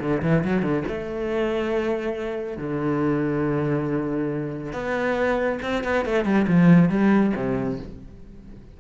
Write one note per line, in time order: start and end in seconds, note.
0.00 0.22 D3
0.22 0.44 E3
0.44 0.62 F#3
0.62 0.84 D3
0.88 2.57 A3
2.57 4.72 D3
4.72 5.59 B3
5.62 5.84 C4
5.84 6.05 B3
6.05 6.25 A3
6.25 6.46 G3
6.47 6.89 F3
6.89 7.32 G3
7.36 7.79 C3